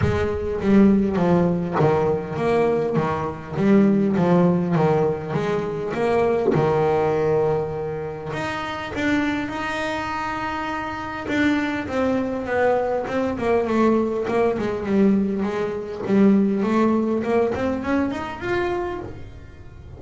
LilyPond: \new Staff \with { instrumentName = "double bass" } { \time 4/4 \tempo 4 = 101 gis4 g4 f4 dis4 | ais4 dis4 g4 f4 | dis4 gis4 ais4 dis4~ | dis2 dis'4 d'4 |
dis'2. d'4 | c'4 b4 c'8 ais8 a4 | ais8 gis8 g4 gis4 g4 | a4 ais8 c'8 cis'8 dis'8 f'4 | }